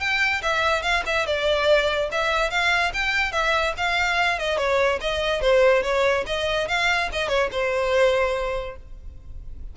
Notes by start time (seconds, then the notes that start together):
0.00 G5
0.43 E5
0.83 F5
1.06 E5
1.27 D5
2.12 E5
2.51 F5
2.94 G5
3.32 E5
3.77 F5
4.39 D#5
4.58 C#5
5.01 D#5
5.41 C5
5.83 C#5
6.27 D#5
6.68 F5
7.12 D#5
7.29 C#5
7.52 C5